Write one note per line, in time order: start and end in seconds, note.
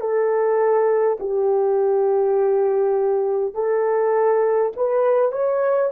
0.00 1.18 A4
1.19 3.54 G4
3.54 4.72 A4
4.76 5.32 B4
5.32 5.90 C#5